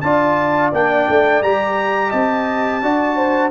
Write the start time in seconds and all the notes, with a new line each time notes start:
0.00 D4 F4 D5 A5
0.72 A#3 D4 G5
1.08 A3
1.41 G3 G4 A#5
2.09 C4 D#5 A5
2.82 D4 F#4 D5
3.16 C5